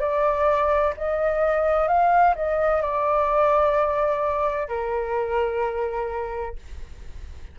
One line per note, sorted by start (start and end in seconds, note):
0.00 0.94 D5
0.97 1.88 D#5
1.88 2.35 F5
2.36 2.82 D#5
2.82 4.68 D5
4.68 6.56 A#4